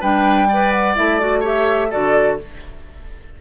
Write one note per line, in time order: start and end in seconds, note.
0.00 0.97 G3
0.00 0.48 D4
0.00 0.48 B4
0.00 0.71 G5
0.48 0.96 B4
0.48 1.40 D5
0.71 0.95 F#5
0.96 1.93 A3
0.96 1.20 E4
0.96 1.19 E5
1.19 1.43 F#4
1.19 1.43 D5
1.40 1.90 G4
1.40 1.87 C#5
1.40 1.91 E5
1.90 2.41 D3
1.90 2.38 F#4
1.90 2.38 A4
1.90 2.39 D5